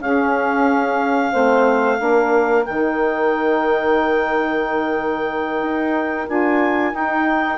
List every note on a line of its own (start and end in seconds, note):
0.00 1.32 C#4
0.00 1.32 G#4
0.00 2.65 F5
1.32 2.00 A3
1.32 1.98 C4
1.32 1.98 C5
1.98 2.66 A#3
1.98 2.64 D4
1.98 7.58 A#4
2.65 5.61 D#3
2.65 6.28 D#4
2.65 6.28 G5
5.61 6.27 D#4
6.28 6.93 D4
6.28 6.92 F4
6.28 6.95 G#5
6.92 7.58 D#4
6.92 7.59 D#4
6.92 7.59 G5